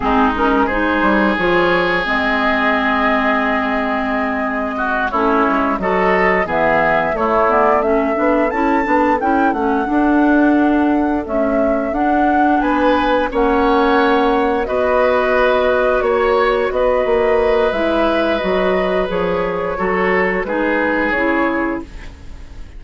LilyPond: <<
  \new Staff \with { instrumentName = "flute" } { \time 4/4 \tempo 4 = 88 gis'8 ais'8 c''4 cis''4 dis''4~ | dis''2.~ dis''8 cis''8~ | cis''8 dis''4 e''4 cis''8 d''8 e''8~ | e''8 a''4 g''8 fis''2~ |
fis''8 e''4 fis''4 gis''4 fis''8~ | fis''4. dis''2 cis''8~ | cis''8 dis''4. e''4 dis''4 | cis''2 b'4 cis''4 | }
  \new Staff \with { instrumentName = "oboe" } { \time 4/4 dis'4 gis'2.~ | gis'2. fis'8 e'8~ | e'8 a'4 gis'4 e'4 a'8~ | a'1~ |
a'2~ a'8 b'4 cis''8~ | cis''4. b'2 cis''8~ | cis''8 b'2.~ b'8~ | b'4 a'4 gis'2 | }
  \new Staff \with { instrumentName = "clarinet" } { \time 4/4 c'8 cis'8 dis'4 f'4 c'4~ | c'2.~ c'8 cis'8~ | cis'8 fis'4 b4 a8 b8 cis'8 | d'8 e'8 d'8 e'8 cis'8 d'4.~ |
d'8 a4 d'2 cis'8~ | cis'4. fis'2~ fis'8~ | fis'2 e'4 fis'4 | gis'4 fis'4 dis'4 e'4 | }
  \new Staff \with { instrumentName = "bassoon" } { \time 4/4 gis4. g8 f4 gis4~ | gis2.~ gis8 a8 | gis8 fis4 e4 a4. | b8 cis'8 b8 cis'8 a8 d'4.~ |
d'8 cis'4 d'4 b4 ais8~ | ais4. b2 ais8~ | ais8 b8 ais4 gis4 fis4 | f4 fis4 gis4 cis4 | }
>>